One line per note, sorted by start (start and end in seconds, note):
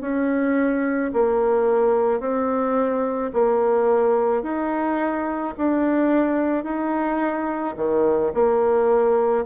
0.00 1.11 C#4
1.13 2.20 A#3
2.20 3.31 C4
3.33 4.42 A#3
4.42 5.54 D#4
5.57 6.64 D4
6.64 7.75 D#4
7.76 8.32 D#3
8.33 9.44 A#3